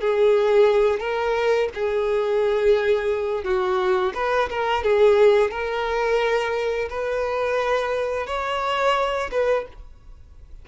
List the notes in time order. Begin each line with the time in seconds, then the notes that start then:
0.00 G#4
0.99 A#4
1.74 G#4
3.44 F#4
4.14 B4
4.50 A#4
4.83 G#4
5.50 A#4
6.89 B4
8.26 C#5
9.31 B4